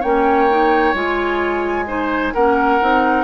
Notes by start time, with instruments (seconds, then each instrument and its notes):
0.00 bassoon A#3, clarinet C#4, oboe C#5, flute G5
0.49 clarinet D#4
0.94 bassoon G#3, clarinet F4, flute G#5
1.86 clarinet D#4, oboe C5
2.33 bassoon A#3, clarinet C#4, oboe A#4, flute F#5
2.80 bassoon C4, clarinet D#4